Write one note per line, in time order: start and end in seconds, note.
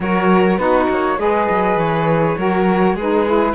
0.00 0.57 F#3
0.00 0.58 F#4
0.00 0.59 A#4
0.00 0.58 C#5
0.57 0.87 B3
0.57 1.17 D#4
0.57 1.18 F#4
0.57 0.87 B4
0.89 1.18 A#3
0.89 1.19 C#5
1.18 1.48 G#3
1.18 2.37 G#4
1.18 2.37 B4
1.18 1.79 D#5
1.49 1.76 F#3
1.76 2.35 E3
1.76 2.97 C#5
2.37 2.94 F#3
2.37 2.97 F#4
2.37 2.95 A#4
2.94 3.53 G#3
2.94 3.54 G#4
2.94 3.54 B4
3.00 3.26 D#4
3.26 3.54 E4